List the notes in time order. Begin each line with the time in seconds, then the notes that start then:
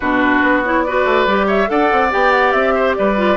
0.00 B2 D4 F#4 B4
0.42 B3
0.63 E4 C#5
0.82 F#4 B4 D5
1.05 A3
1.26 G3 G4
1.46 C#5 E5
1.66 D4 A4 D5 F#5
1.91 C4
2.10 B3 G4 G5
2.31 F#5
2.51 C4 E5
2.74 C5
2.95 G3 B4 D5
3.16 F4